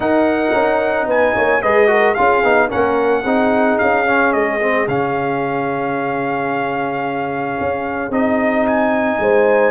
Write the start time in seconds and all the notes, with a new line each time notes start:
0.00 D#4 A#4 F#5
0.53 C#4
1.06 B3 B4 G#5
1.35 A#3 C#5
1.61 G#3 G#4 B4 D#5
1.87 F#4 A#4
2.14 C#4 F4 G#4 F5
2.43 B3 D#4
2.68 A#3 C#4 A#4 F#5
3.22 C4 D#4 G#4
3.78 C#4 F5
4.05 C#4
4.32 G#3 D#5
4.60 C4
4.87 C#3 C#4 F5
7.60 C#4
8.09 C4 D#4 D#5
8.66 G#5
9.19 G#3 C5